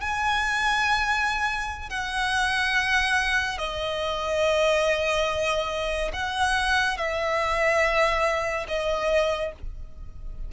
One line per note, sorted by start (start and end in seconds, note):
0.00 1.89 G#5
1.89 3.58 F#5
3.58 6.11 D#5
6.13 6.97 F#5
6.97 8.66 E5
8.68 9.52 D#5